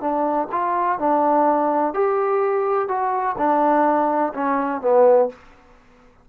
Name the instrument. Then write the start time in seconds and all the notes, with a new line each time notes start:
trombone
0.00 D4
0.52 F4
0.99 D4
1.94 G4
2.88 F#4
3.38 D4
4.34 C#4
4.81 B3